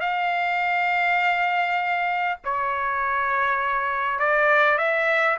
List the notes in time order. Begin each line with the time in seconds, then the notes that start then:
0.00 F5
2.44 C#5
4.19 D5
4.78 E5